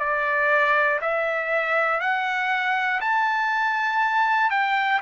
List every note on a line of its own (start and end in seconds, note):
0.00 1.00 D5
1.01 2.00 E5
2.00 3.00 F#5
3.00 4.50 A5
4.50 5.00 G5